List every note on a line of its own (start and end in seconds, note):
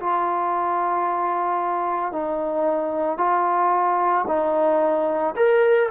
0.00 2.12 F4
2.12 3.18 D#4
3.18 4.25 F4
4.28 5.35 D#4
5.36 5.90 A#4